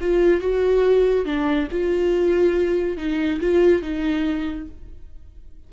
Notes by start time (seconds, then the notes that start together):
0.00 F4
0.41 F#4
1.25 D4
1.71 F4
2.97 D#4
3.40 F4
3.82 D#4